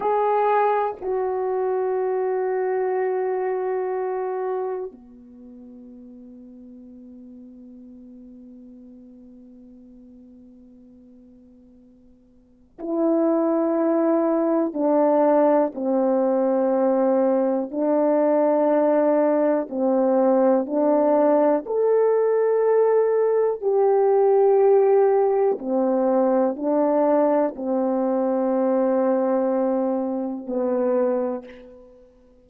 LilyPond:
\new Staff \with { instrumentName = "horn" } { \time 4/4 \tempo 4 = 61 gis'4 fis'2.~ | fis'4 b2.~ | b1~ | b4 e'2 d'4 |
c'2 d'2 | c'4 d'4 a'2 | g'2 c'4 d'4 | c'2. b4 | }